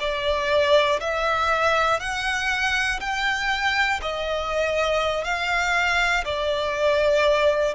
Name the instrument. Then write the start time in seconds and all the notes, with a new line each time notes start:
violin
0.00 D5
1.00 E5
2.00 F#5
3.00 G5
4.02 D#5
5.25 F5
6.25 D5